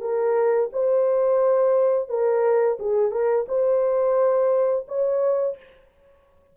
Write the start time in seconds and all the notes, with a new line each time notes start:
0.00 A#4
0.72 C5
2.08 A#4
2.79 G#4
3.11 A#4
3.48 C5
4.87 C#5